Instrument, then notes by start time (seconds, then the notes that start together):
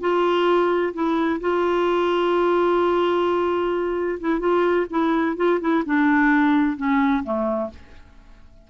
clarinet
0.00 F4
0.93 E4
1.40 F4
4.20 E4
4.40 F4
4.90 E4
5.36 F4
5.60 E4
5.85 D4
6.76 C#4
7.23 A3